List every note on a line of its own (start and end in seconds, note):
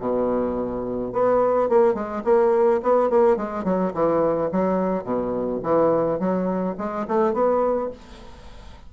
0.00 1.13 B2
1.13 1.70 B3
1.70 1.95 A#3
1.95 2.23 G#3
2.25 2.81 A#3
2.83 3.10 B3
3.10 3.37 A#3
3.37 3.65 G#3
3.65 3.93 F#3
3.94 4.51 E3
4.52 5.04 F#3
5.04 5.61 B2
5.63 6.20 E3
6.20 6.76 F#3
6.78 7.07 G#3
7.08 7.34 A3
7.34 7.90 B3